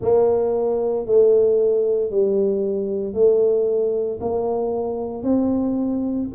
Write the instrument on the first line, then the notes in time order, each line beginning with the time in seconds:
tuba
0.01 A#3
1.05 A3
2.10 G3
3.13 A3
4.20 A#3
5.22 C4